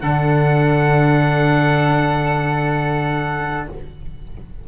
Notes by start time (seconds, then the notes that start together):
0.00 D3 D4 A4 F#5